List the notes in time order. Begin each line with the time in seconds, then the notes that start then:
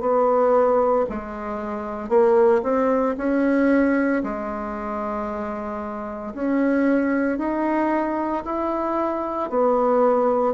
0.00 B3
1.09 G#3
2.09 A#3
2.63 C4
3.17 C#4
4.23 G#3
6.34 C#4
7.38 D#4
8.45 E4
9.49 B3